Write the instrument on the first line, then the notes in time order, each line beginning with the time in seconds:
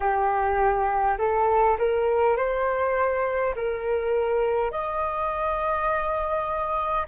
flute
0.00 G4
1.18 A4
1.78 A#4
2.36 C5
3.56 A#4
4.71 D#5